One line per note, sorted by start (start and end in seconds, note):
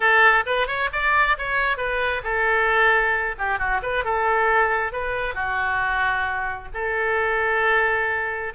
0.00 0.44 A4
0.46 0.67 B4
0.67 0.89 C#5
0.92 1.37 D5
1.38 1.77 C#5
1.77 2.22 B4
2.23 3.35 A4
3.38 3.58 G4
3.58 3.81 F#4
3.82 4.04 B4
4.04 4.92 A4
4.92 5.34 B4
5.34 6.68 F#4
6.74 8.53 A4